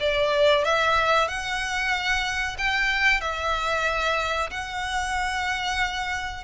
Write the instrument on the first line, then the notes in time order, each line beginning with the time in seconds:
violin
0.00 D5
0.64 E5
1.28 F#5
2.57 G5
3.21 E5
4.50 F#5